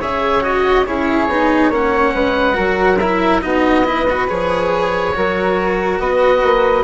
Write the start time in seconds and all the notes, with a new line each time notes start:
0.00 C#3 G#4 C#5 E5
0.42 F#4 D#5
0.86 C#4 E4 G#4 C#5
1.28 B3 D#4
1.70 A#3 C#4 C#5 F#5
2.14 G#3 B4
2.53 F#3 F#4 A#4
2.99 E4 E5
3.42 B3 D#4 F#4 D#5
3.85 E4 B4
4.10 F#4
4.28 F3 G#4 C#5
5.15 F#3 F#4 A#4
5.99 B3 B4 D#5
6.43 A#3